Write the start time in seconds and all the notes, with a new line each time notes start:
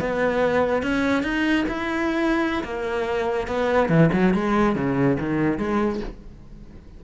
0.00 B3
0.82 C#4
1.23 D#4
1.68 E4
2.63 A#3
3.47 B3
3.89 E3
4.12 F#3
4.34 G#3
4.75 C#3
5.19 D#3
5.58 G#3